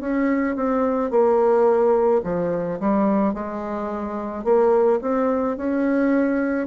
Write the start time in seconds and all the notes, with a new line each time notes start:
0.00 C#4
0.56 C4
1.11 A#3
2.24 F3
2.80 G3
3.33 G#3
4.44 A#3
5.02 C4
5.57 C#4